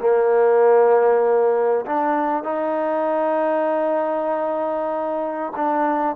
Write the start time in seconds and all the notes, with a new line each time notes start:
0.00 A#3
1.86 D4
2.44 D#4
5.56 D4